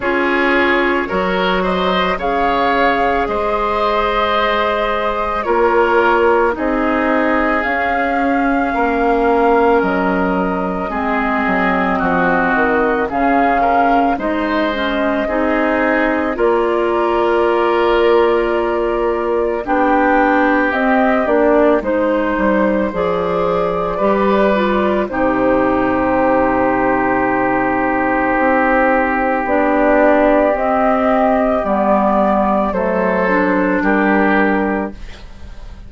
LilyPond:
<<
  \new Staff \with { instrumentName = "flute" } { \time 4/4 \tempo 4 = 55 cis''4. dis''8 f''4 dis''4~ | dis''4 cis''4 dis''4 f''4~ | f''4 dis''2. | f''4 dis''2 d''4~ |
d''2 g''4 dis''8 d''8 | c''4 d''2 c''4~ | c''2. d''4 | dis''4 d''4 c''4 ais'4 | }
  \new Staff \with { instrumentName = "oboe" } { \time 4/4 gis'4 ais'8 c''8 cis''4 c''4~ | c''4 ais'4 gis'2 | ais'2 gis'4 fis'4 | gis'8 ais'8 c''4 gis'4 ais'4~ |
ais'2 g'2 | c''2 b'4 g'4~ | g'1~ | g'2 a'4 g'4 | }
  \new Staff \with { instrumentName = "clarinet" } { \time 4/4 f'4 fis'4 gis'2~ | gis'4 f'4 dis'4 cis'4~ | cis'2 c'2 | cis'4 dis'8 cis'8 dis'4 f'4~ |
f'2 d'4 c'8 d'8 | dis'4 gis'4 g'8 f'8 dis'4~ | dis'2. d'4 | c'4 b4 a8 d'4. | }
  \new Staff \with { instrumentName = "bassoon" } { \time 4/4 cis'4 fis4 cis4 gis4~ | gis4 ais4 c'4 cis'4 | ais4 fis4 gis8 fis8 f8 dis8 | cis4 gis4 c'4 ais4~ |
ais2 b4 c'8 ais8 | gis8 g8 f4 g4 c4~ | c2 c'4 b4 | c'4 g4 fis4 g4 | }
>>